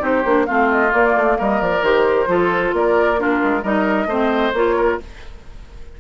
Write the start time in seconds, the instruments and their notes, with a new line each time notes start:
0.00 bassoon C4, clarinet D#4, oboe G4, flute C5
0.25 bassoon A#3, clarinet D4
0.46 bassoon A3, clarinet C4, oboe F4, flute F5
0.71 flute D#5
0.89 clarinet A#3, bassoon A#3, flute D5
1.16 bassoon A3
1.38 bassoon G3, oboe A#4, flute D#5
1.61 bassoon F3, flute D5
1.82 bassoon D#3, clarinet G4, flute C5
2.27 bassoon F3, clarinet F4, oboe A4
2.73 bassoon A#3, oboe A#4, flute D5
3.18 clarinet D4, oboe F4, flute A#4
3.44 bassoon G#3
3.63 bassoon G3, clarinet D#4, oboe A#4, flute D#5
4.06 bassoon A3, clarinet C4, oboe C5
4.54 bassoon A#3, clarinet F4, flute C#5
4.77 oboe A#4